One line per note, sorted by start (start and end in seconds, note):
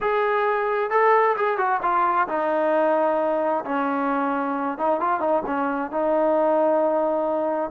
0.00 0.90 G#4
0.90 1.36 A4
1.36 1.57 G#4
1.57 1.80 F#4
1.82 2.27 F4
2.27 3.64 D#4
3.65 4.78 C#4
4.78 5.00 D#4
5.00 5.19 F4
5.19 5.42 D#4
5.46 5.91 C#4
5.91 7.70 D#4